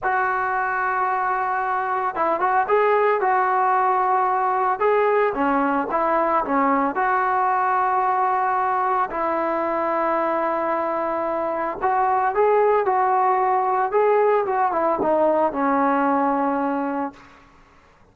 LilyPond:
\new Staff \with { instrumentName = "trombone" } { \time 4/4 \tempo 4 = 112 fis'1 | e'8 fis'8 gis'4 fis'2~ | fis'4 gis'4 cis'4 e'4 | cis'4 fis'2.~ |
fis'4 e'2.~ | e'2 fis'4 gis'4 | fis'2 gis'4 fis'8 e'8 | dis'4 cis'2. | }